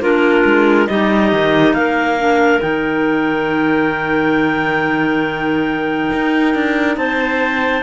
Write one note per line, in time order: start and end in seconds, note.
0.00 0.43 A#3
0.00 0.89 D4
0.00 0.88 F4
0.00 0.88 A#4
0.45 0.89 G#3
0.88 1.32 G3
0.88 2.18 D#4
0.88 1.76 G4
0.88 1.74 D#5
1.32 1.74 D#3
1.74 2.61 A#3
1.74 6.98 A#4
1.74 2.61 F5
2.18 2.60 D4
2.60 6.11 D#3
2.60 7.82 D#4
2.60 6.96 G5
6.13 6.55 D#4
6.55 6.97 D4
6.97 7.83 C4
6.97 7.83 C5
6.97 7.83 A5